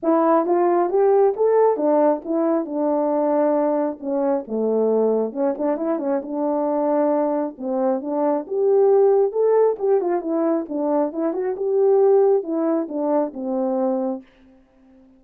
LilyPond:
\new Staff \with { instrumentName = "horn" } { \time 4/4 \tempo 4 = 135 e'4 f'4 g'4 a'4 | d'4 e'4 d'2~ | d'4 cis'4 a2 | cis'8 d'8 e'8 cis'8 d'2~ |
d'4 c'4 d'4 g'4~ | g'4 a'4 g'8 f'8 e'4 | d'4 e'8 fis'8 g'2 | e'4 d'4 c'2 | }